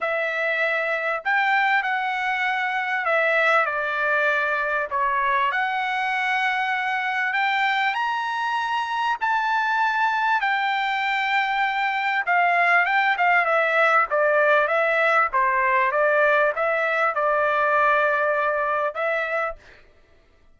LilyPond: \new Staff \with { instrumentName = "trumpet" } { \time 4/4 \tempo 4 = 98 e''2 g''4 fis''4~ | fis''4 e''4 d''2 | cis''4 fis''2. | g''4 ais''2 a''4~ |
a''4 g''2. | f''4 g''8 f''8 e''4 d''4 | e''4 c''4 d''4 e''4 | d''2. e''4 | }